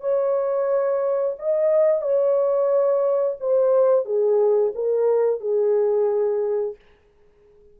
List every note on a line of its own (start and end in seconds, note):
0.00 1.35 C#5
1.39 2.01 D#5
2.01 3.36 C#5
3.40 4.05 C5
4.05 4.73 G#4
4.75 5.40 A#4
5.40 6.75 G#4